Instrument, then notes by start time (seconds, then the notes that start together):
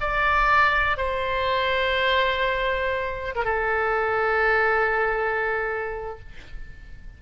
oboe
0.00 D5
0.97 C5
3.35 A#4
3.44 A4